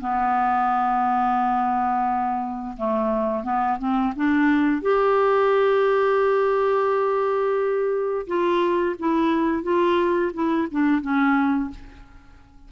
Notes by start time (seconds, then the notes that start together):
0.00 B3
2.77 A3
3.43 B3
3.79 C4
4.16 D4
4.82 G4
8.27 F4
8.99 E4
9.63 F4
10.33 E4
10.71 D4
11.01 C#4